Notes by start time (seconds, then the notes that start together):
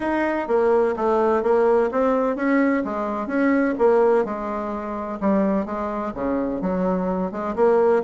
0.00 D#4
0.47 A#3
0.96 A3
1.42 A#3
1.91 C4
2.36 C#4
2.84 G#3
3.27 C#4
3.78 A#3
4.24 G#3
5.20 G3
5.65 G#3
6.14 C#3
6.61 F#3
7.31 G#3
7.55 A#3